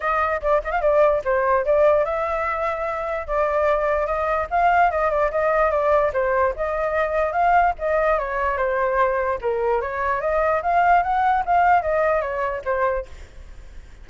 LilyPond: \new Staff \with { instrumentName = "flute" } { \time 4/4 \tempo 4 = 147 dis''4 d''8 dis''16 f''16 d''4 c''4 | d''4 e''2. | d''2 dis''4 f''4 | dis''8 d''8 dis''4 d''4 c''4 |
dis''2 f''4 dis''4 | cis''4 c''2 ais'4 | cis''4 dis''4 f''4 fis''4 | f''4 dis''4 cis''4 c''4 | }